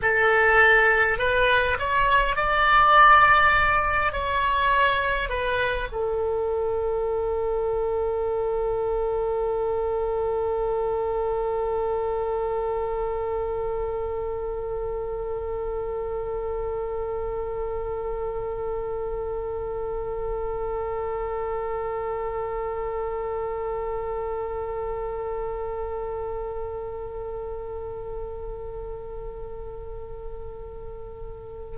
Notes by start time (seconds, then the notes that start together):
0.02 A4
1.18 B4
1.79 C#5
2.36 D5
4.12 C#5
5.29 B4
5.91 A4